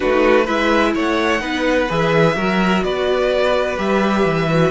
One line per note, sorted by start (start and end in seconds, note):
0.00 0.48 A3
0.00 0.44 D#4
0.00 0.44 F#4
0.00 0.46 B4
0.44 0.95 G#3
0.44 1.39 E4
0.44 0.91 B4
0.44 0.94 E5
0.94 1.41 A3
0.94 1.40 C#5
0.94 1.91 F#5
1.39 1.88 B3
1.39 1.86 D#4
1.39 2.35 B4
1.89 2.35 E3
1.89 2.36 G#4
1.89 2.83 E5
2.35 2.82 F#3
2.35 3.76 F#4
2.35 2.83 A#4
2.83 3.78 B3
2.83 4.71 B4
2.83 3.78 D5
3.76 4.24 G3
3.76 4.47 G4
3.76 4.71 E5
4.24 4.71 E3
4.50 4.71 F#4